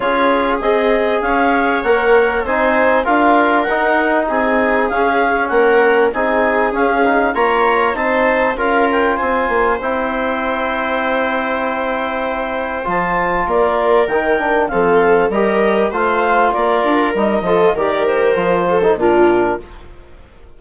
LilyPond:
<<
  \new Staff \with { instrumentName = "clarinet" } { \time 4/4 \tempo 4 = 98 cis''4 dis''4 f''4 fis''4 | gis''4 f''4 fis''4 gis''4 | f''4 fis''4 gis''4 f''4 | ais''4 a''4 f''8 g''8 gis''4 |
g''1~ | g''4 a''4 d''4 g''4 | f''4 dis''4 f''4 d''4 | dis''4 d''8 c''4. ais'4 | }
  \new Staff \with { instrumentName = "viola" } { \time 4/4 gis'2 cis''2 | c''4 ais'2 gis'4~ | gis'4 ais'4 gis'2 | cis''4 c''4 ais'4 c''4~ |
c''1~ | c''2 ais'2 | a'4 ais'4 c''4 ais'4~ | ais'8 a'8 ais'4. a'8 f'4 | }
  \new Staff \with { instrumentName = "trombone" } { \time 4/4 f'4 gis'2 ais'4 | dis'4 f'4 dis'2 | cis'2 dis'4 cis'8 dis'8 | f'4 dis'4 f'2 |
e'1~ | e'4 f'2 dis'8 d'8 | c'4 g'4 f'2 | dis'8 f'8 g'4 f'8. dis'16 d'4 | }
  \new Staff \with { instrumentName = "bassoon" } { \time 4/4 cis'4 c'4 cis'4 ais4 | c'4 d'4 dis'4 c'4 | cis'4 ais4 c'4 cis'4 | ais4 c'4 cis'4 c'8 ais8 |
c'1~ | c'4 f4 ais4 dis4 | f4 g4 a4 ais8 d'8 | g8 f8 dis4 f4 ais,4 | }
>>